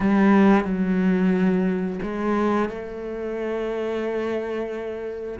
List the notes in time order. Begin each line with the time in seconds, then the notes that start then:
0.00 G3
0.64 F#3
2.02 G#3
2.69 A3